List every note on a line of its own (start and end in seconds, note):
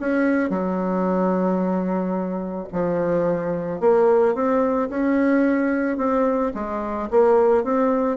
0.00 0.50 C#4
0.50 2.68 F#3
2.73 3.80 F3
3.80 4.35 A#3
4.35 4.89 C4
4.90 5.98 C#4
5.98 6.52 C4
6.55 7.09 G#3
7.11 7.64 A#3
7.64 8.17 C4